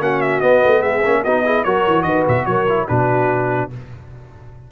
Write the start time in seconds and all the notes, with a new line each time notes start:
0.00 A#3 C#4 F#4 F#5
0.21 E5
0.40 B3 D#5
0.64 A3
0.79 G#3 G#4 E5
1.05 A#3 C#4
1.23 B3 D#4 F#4 D#5
1.45 E4 G#4
1.64 F#3 F#4 A#4 C#5
1.87 E3
2.03 D#3 B4 D#5
2.28 B2 E5
2.45 F#3 A#4 C#5
2.68 E4
2.88 B2 D4 F#4 B4